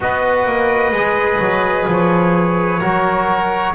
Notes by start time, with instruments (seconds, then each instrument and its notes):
0.00 double bass B3, trombone F#4, violin B4, trumpet D#5
0.45 double bass A#3
0.91 double bass G#3, trombone G#4
1.39 double bass F#3
1.87 double bass F3, trumpet C#5
2.79 double bass F#3, trombone F#4, violin A#4